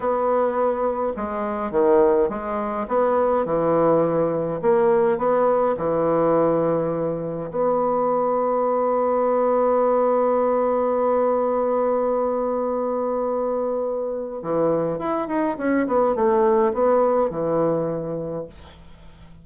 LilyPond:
\new Staff \with { instrumentName = "bassoon" } { \time 4/4 \tempo 4 = 104 b2 gis4 dis4 | gis4 b4 e2 | ais4 b4 e2~ | e4 b2.~ |
b1~ | b1~ | b4 e4 e'8 dis'8 cis'8 b8 | a4 b4 e2 | }